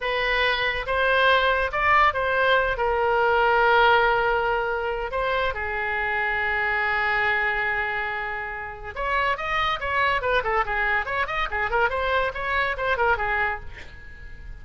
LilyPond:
\new Staff \with { instrumentName = "oboe" } { \time 4/4 \tempo 4 = 141 b'2 c''2 | d''4 c''4. ais'4.~ | ais'1 | c''4 gis'2.~ |
gis'1~ | gis'4 cis''4 dis''4 cis''4 | b'8 a'8 gis'4 cis''8 dis''8 gis'8 ais'8 | c''4 cis''4 c''8 ais'8 gis'4 | }